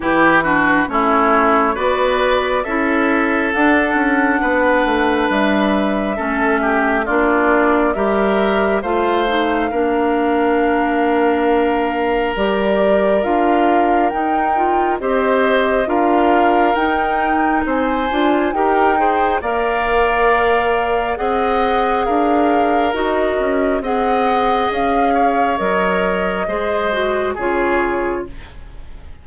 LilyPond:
<<
  \new Staff \with { instrumentName = "flute" } { \time 4/4 \tempo 4 = 68 b'4 cis''4 d''4 e''4 | fis''2 e''2 | d''4 e''4 f''2~ | f''2 d''4 f''4 |
g''4 dis''4 f''4 g''4 | gis''4 g''4 f''2 | fis''4 f''4 dis''4 fis''4 | f''4 dis''2 cis''4 | }
  \new Staff \with { instrumentName = "oboe" } { \time 4/4 g'8 fis'8 e'4 b'4 a'4~ | a'4 b'2 a'8 g'8 | f'4 ais'4 c''4 ais'4~ | ais'1~ |
ais'4 c''4 ais'2 | c''4 ais'8 c''8 d''2 | dis''4 ais'2 dis''4~ | dis''8 cis''4. c''4 gis'4 | }
  \new Staff \with { instrumentName = "clarinet" } { \time 4/4 e'8 d'8 cis'4 fis'4 e'4 | d'2. cis'4 | d'4 g'4 f'8 dis'8 d'4~ | d'2 g'4 f'4 |
dis'8 f'8 g'4 f'4 dis'4~ | dis'8 f'8 g'8 gis'8 ais'2 | gis'2 fis'4 gis'4~ | gis'4 ais'4 gis'8 fis'8 f'4 | }
  \new Staff \with { instrumentName = "bassoon" } { \time 4/4 e4 a4 b4 cis'4 | d'8 cis'8 b8 a8 g4 a4 | ais4 g4 a4 ais4~ | ais2 g4 d'4 |
dis'4 c'4 d'4 dis'4 | c'8 d'8 dis'4 ais2 | c'4 d'4 dis'8 cis'8 c'4 | cis'4 fis4 gis4 cis4 | }
>>